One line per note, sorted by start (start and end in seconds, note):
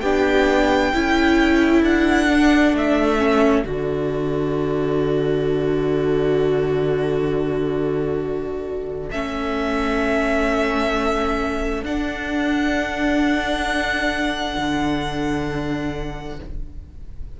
0.00 0.93 B3
0.00 0.94 D4
0.00 0.91 G4
0.00 1.82 G5
0.91 1.82 C#4
0.91 2.28 E4
0.91 16.37 A4
1.82 2.73 D4
1.82 2.75 F#5
2.28 3.18 D4
2.73 3.64 A3
2.73 3.66 E5
3.18 3.63 C#4
3.64 9.09 D3
3.64 9.11 F#4
3.64 9.11 D5
9.11 11.82 A3
9.11 11.85 C#4
9.11 11.84 E5
11.82 14.55 D4
11.82 16.40 D4
11.82 16.40 F#5
14.57 16.39 D3